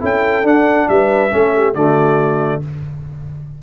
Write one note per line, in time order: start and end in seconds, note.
0.00 0.44 C#4
0.00 0.44 E4
0.00 0.88 A4
0.00 0.47 G5
0.44 0.88 D4
0.44 1.31 D4
0.44 0.89 F#5
0.89 1.33 G3
0.89 1.35 B4
0.89 1.75 E5
1.31 1.75 A3
1.31 1.74 C#4
1.31 1.56 A4
1.56 1.75 G4
1.75 2.62 D3
1.75 2.62 A3
1.75 2.62 F#4
1.75 2.62 D5